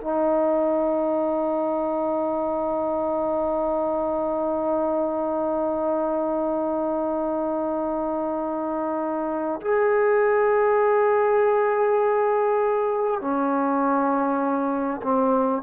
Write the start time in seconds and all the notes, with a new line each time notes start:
0.00 D#4
9.61 G#4
13.21 C#4
15.02 C4